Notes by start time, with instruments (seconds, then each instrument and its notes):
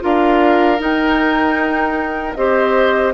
0.00 bassoon D4, clarinet F4, oboe A#4, flute F5
0.78 clarinet D#4, bassoon D#4, flute G5
2.34 bassoon C4, clarinet G4, oboe C5, flute D#5